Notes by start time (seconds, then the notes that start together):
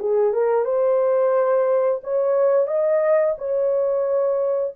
0.00 G#4
0.34 A#4
0.65 C5
2.04 C#5
2.67 D#5
3.38 C#5